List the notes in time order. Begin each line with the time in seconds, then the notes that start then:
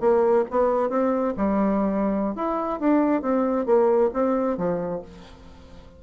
0.00 A#3
0.51 B3
0.89 C4
1.37 G3
2.35 E4
2.80 D4
3.22 C4
3.66 A#3
4.13 C4
4.57 F3